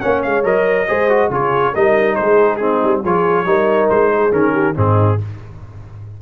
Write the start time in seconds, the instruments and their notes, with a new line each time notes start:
0.00 tuba A#3, trombone C#4, horn C#5, trumpet F#5
0.23 tuba G#3, trumpet F5
0.44 tuba F#3, trombone A#4, trumpet D#5
0.88 tuba G#3, trombone G#4, horn C5
1.10 trombone F#4
1.29 tuba C#3, trombone F4, horn G#4, trumpet C#5
1.74 tuba G3, trombone D#4, horn A#4, trumpet D#5
2.15 tuba G#3, horn G#4, trumpet C5
2.56 trombone C4, horn D#4, trumpet G#4
2.84 tuba G3
3.03 tuba F3, trombone F4, horn G#4, trumpet C#5
3.45 tuba G3, trombone D#4, horn A#4
3.89 tuba G#3, trumpet C5
4.16 horn G#4
4.31 tuba D#3, trombone C#4, trumpet A#4
4.53 horn G4
4.75 tuba G#2, trombone C4, horn D#4, trumpet G#4